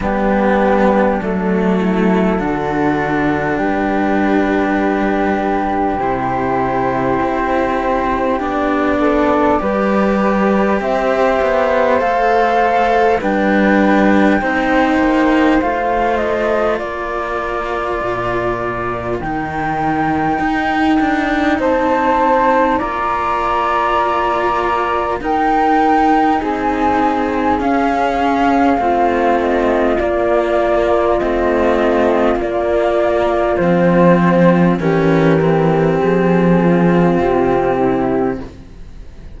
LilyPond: <<
  \new Staff \with { instrumentName = "flute" } { \time 4/4 \tempo 4 = 50 g'4 a'2 b'4~ | b'4 c''2 d''4~ | d''4 e''4 f''4 g''4~ | g''4 f''8 dis''8 d''2 |
g''2 a''4 ais''4~ | ais''4 g''4 gis''4 f''4~ | f''8 dis''8 d''4 dis''4 d''4 | c''4 ais'4 gis'4 g'4 | }
  \new Staff \with { instrumentName = "flute" } { \time 4/4 d'4. e'8 fis'4 g'4~ | g'2.~ g'8 a'8 | b'4 c''2 b'4 | c''2 ais'2~ |
ais'2 c''4 d''4~ | d''4 ais'4 gis'2 | f'1~ | f'4 g'4. f'4 e'8 | }
  \new Staff \with { instrumentName = "cello" } { \time 4/4 b4 a4 d'2~ | d'4 e'2 d'4 | g'2 a'4 d'4 | dis'4 f'2. |
dis'2. f'4~ | f'4 dis'2 cis'4 | c'4 ais4 c'4 ais4 | c'4 cis'8 c'2~ c'8 | }
  \new Staff \with { instrumentName = "cello" } { \time 4/4 g4 fis4 d4 g4~ | g4 c4 c'4 b4 | g4 c'8 b8 a4 g4 | c'8 ais8 a4 ais4 ais,4 |
dis4 dis'8 d'8 c'4 ais4~ | ais4 dis'4 c'4 cis'4 | a4 ais4 a4 ais4 | f4 e4 f4 c4 | }
>>